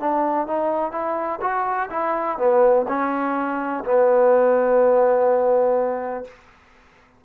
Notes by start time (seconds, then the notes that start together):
0.00 D4
0.47 D#4
0.92 E4
1.41 F#4
1.90 E4
2.38 B3
2.88 C#4
3.84 B3